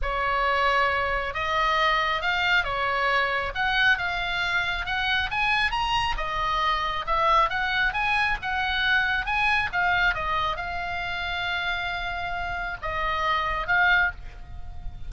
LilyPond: \new Staff \with { instrumentName = "oboe" } { \time 4/4 \tempo 4 = 136 cis''2. dis''4~ | dis''4 f''4 cis''2 | fis''4 f''2 fis''4 | gis''4 ais''4 dis''2 |
e''4 fis''4 gis''4 fis''4~ | fis''4 gis''4 f''4 dis''4 | f''1~ | f''4 dis''2 f''4 | }